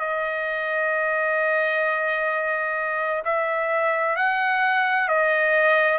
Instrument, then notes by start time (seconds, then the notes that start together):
trumpet
0.00 D#5
3.25 E5
4.16 F#5
5.09 D#5